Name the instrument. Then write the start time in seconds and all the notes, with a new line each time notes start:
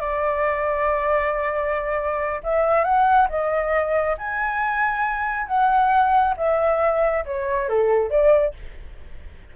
flute
0.00 D5
2.43 E5
2.84 F#5
3.29 D#5
4.17 G#5
5.47 F#5
6.37 E5
7.25 C#5
7.68 A4
8.10 D5